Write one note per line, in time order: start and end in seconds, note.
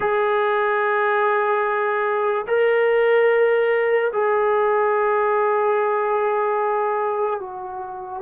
0.00 2.45 G#4
2.47 4.11 A#4
4.12 7.40 G#4
7.40 8.22 F#4